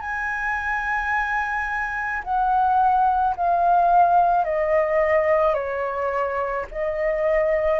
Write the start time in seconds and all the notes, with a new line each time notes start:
0.00 G#5
2.24 F#5
3.36 F5
4.44 D#5
5.54 C#5
6.71 D#5